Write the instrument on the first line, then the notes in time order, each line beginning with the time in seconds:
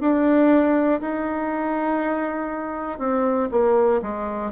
bassoon
0.00 D4
1.00 D#4
2.98 C4
3.50 A#3
4.01 G#3